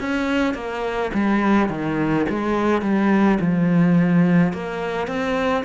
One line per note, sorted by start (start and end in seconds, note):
0.00 0.55 C#4
0.55 1.11 A#3
1.14 1.70 G3
1.70 2.26 D#3
2.30 2.82 G#3
2.82 3.39 G3
3.41 4.53 F3
4.53 5.08 A#3
5.08 5.64 C4